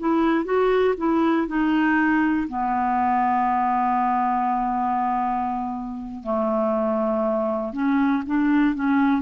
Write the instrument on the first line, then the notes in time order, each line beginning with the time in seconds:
clarinet
0.00 E4
0.45 F#4
0.98 E4
1.48 D#4
2.48 B3
6.23 A3
7.73 C#4
8.26 D4
8.75 C#4